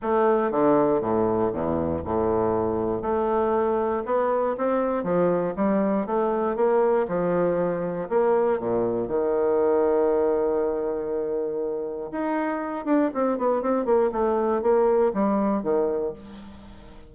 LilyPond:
\new Staff \with { instrumentName = "bassoon" } { \time 4/4 \tempo 4 = 119 a4 d4 a,4 e,4 | a,2 a2 | b4 c'4 f4 g4 | a4 ais4 f2 |
ais4 ais,4 dis2~ | dis1 | dis'4. d'8 c'8 b8 c'8 ais8 | a4 ais4 g4 dis4 | }